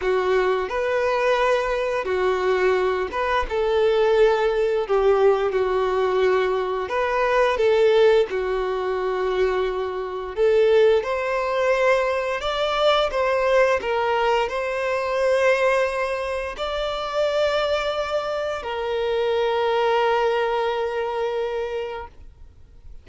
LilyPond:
\new Staff \with { instrumentName = "violin" } { \time 4/4 \tempo 4 = 87 fis'4 b'2 fis'4~ | fis'8 b'8 a'2 g'4 | fis'2 b'4 a'4 | fis'2. a'4 |
c''2 d''4 c''4 | ais'4 c''2. | d''2. ais'4~ | ais'1 | }